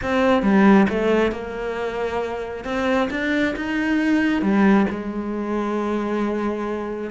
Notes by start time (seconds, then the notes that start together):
0.02 C4
0.42 G3
0.89 A3
1.31 A#3
2.64 C4
3.10 D4
3.56 D#4
4.42 G3
4.90 G#3